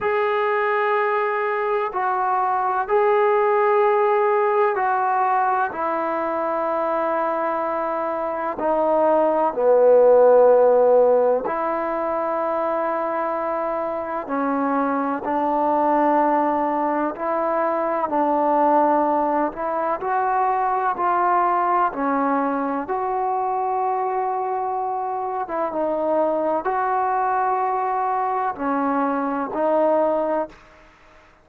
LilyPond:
\new Staff \with { instrumentName = "trombone" } { \time 4/4 \tempo 4 = 63 gis'2 fis'4 gis'4~ | gis'4 fis'4 e'2~ | e'4 dis'4 b2 | e'2. cis'4 |
d'2 e'4 d'4~ | d'8 e'8 fis'4 f'4 cis'4 | fis'2~ fis'8. e'16 dis'4 | fis'2 cis'4 dis'4 | }